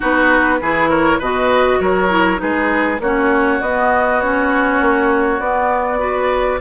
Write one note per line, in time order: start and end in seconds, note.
0.00 0.61 B3
0.00 0.59 D#4
0.00 0.59 F#4
0.00 0.90 B4
0.61 1.20 E3
0.61 1.22 E4
0.61 0.89 G#4
0.89 1.18 A#4
0.89 1.20 C#5
1.18 1.79 B2
1.18 2.09 F#4
1.18 1.78 B4
1.18 1.79 D#5
1.79 2.39 F#3
1.79 2.40 A#4
1.79 2.39 C#5
2.09 2.37 E4
2.37 2.99 G#3
2.37 2.96 D#4
2.37 3.01 G#4
2.37 3.00 B4
2.99 3.59 A#3
2.99 3.62 C#4
2.99 5.99 F#4
2.99 3.61 C#5
3.61 4.80 B3
3.61 4.21 B3
3.61 4.20 D#5
4.20 5.40 C#4
4.20 5.40 C#5
4.80 5.39 A#3
5.39 6.59 B3
5.39 5.98 B3
5.39 6.60 D5
5.98 6.58 F#4
5.98 6.59 B4